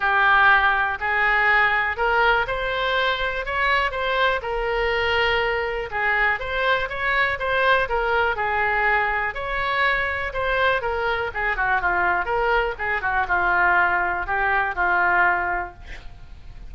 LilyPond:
\new Staff \with { instrumentName = "oboe" } { \time 4/4 \tempo 4 = 122 g'2 gis'2 | ais'4 c''2 cis''4 | c''4 ais'2. | gis'4 c''4 cis''4 c''4 |
ais'4 gis'2 cis''4~ | cis''4 c''4 ais'4 gis'8 fis'8 | f'4 ais'4 gis'8 fis'8 f'4~ | f'4 g'4 f'2 | }